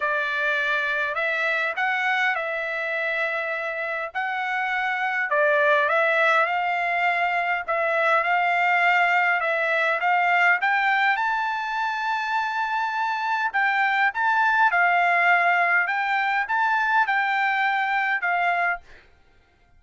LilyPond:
\new Staff \with { instrumentName = "trumpet" } { \time 4/4 \tempo 4 = 102 d''2 e''4 fis''4 | e''2. fis''4~ | fis''4 d''4 e''4 f''4~ | f''4 e''4 f''2 |
e''4 f''4 g''4 a''4~ | a''2. g''4 | a''4 f''2 g''4 | a''4 g''2 f''4 | }